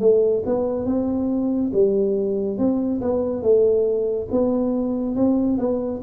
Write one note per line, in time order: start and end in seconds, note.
0.00 0.43 A3
0.45 0.85 B3
0.85 1.71 C4
1.73 2.58 G3
2.58 3.00 C4
3.01 3.42 B3
3.42 4.28 A3
4.31 5.15 B3
5.15 5.58 C4
5.58 6.00 B3